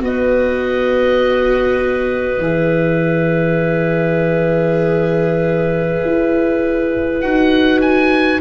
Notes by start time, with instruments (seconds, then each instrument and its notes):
0.00 tuba B3, viola F#4, clarinet B4, oboe D#5
2.38 tuba E3, viola G#4, oboe E5
6.04 tuba E4
7.21 tuba D#4, viola F#4, oboe F#5
7.81 oboe G#5